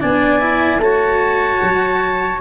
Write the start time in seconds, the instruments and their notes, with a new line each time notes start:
0.00 tuba B3, cello D4, trumpet D5, clarinet G#5
0.40 cello E4
0.78 tuba A3, cello F#4, trumpet C#5, clarinet A5
1.62 tuba F#3